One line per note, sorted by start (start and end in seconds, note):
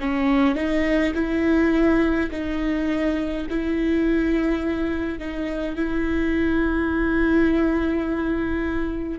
0.00 0.56 C#4
0.56 1.13 D#4
1.15 2.30 E4
2.32 3.47 D#4
3.50 5.19 E4
5.19 5.76 D#4
5.76 9.19 E4